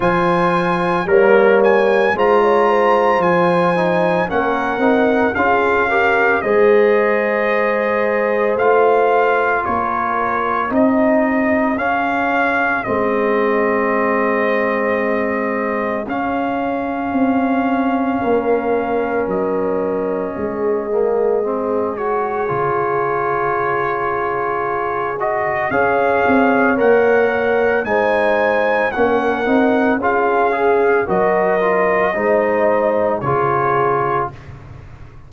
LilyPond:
<<
  \new Staff \with { instrumentName = "trumpet" } { \time 4/4 \tempo 4 = 56 gis''4 ais'8 gis''8 ais''4 gis''4 | fis''4 f''4 dis''2 | f''4 cis''4 dis''4 f''4 | dis''2. f''4~ |
f''2 dis''2~ | dis''8 cis''2. dis''8 | f''4 fis''4 gis''4 fis''4 | f''4 dis''2 cis''4 | }
  \new Staff \with { instrumentName = "horn" } { \time 4/4 c''4 cis''4 c''16 cis''16 c''4. | ais'4 gis'8 ais'8 c''2~ | c''4 ais'4 gis'2~ | gis'1~ |
gis'4 ais'2 gis'4~ | gis'1 | cis''2 c''4 ais'4 | gis'4 ais'4 c''4 gis'4 | }
  \new Staff \with { instrumentName = "trombone" } { \time 4/4 f'4 ais4 f'4. dis'8 | cis'8 dis'8 f'8 g'8 gis'2 | f'2 dis'4 cis'4 | c'2. cis'4~ |
cis'2.~ cis'8 ais8 | c'8 fis'8 f'2~ f'8 fis'8 | gis'4 ais'4 dis'4 cis'8 dis'8 | f'8 gis'8 fis'8 f'8 dis'4 f'4 | }
  \new Staff \with { instrumentName = "tuba" } { \time 4/4 f4 g4 gis4 f4 | ais8 c'8 cis'4 gis2 | a4 ais4 c'4 cis'4 | gis2. cis'4 |
c'4 ais4 fis4 gis4~ | gis4 cis2. | cis'8 c'8 ais4 gis4 ais8 c'8 | cis'4 fis4 gis4 cis4 | }
>>